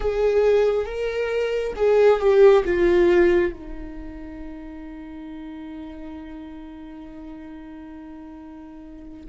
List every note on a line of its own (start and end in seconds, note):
0.00 0.85 G#4
0.85 1.73 A#4
1.76 2.20 G#4
2.20 2.64 G4
2.64 3.53 F4
3.53 9.26 D#4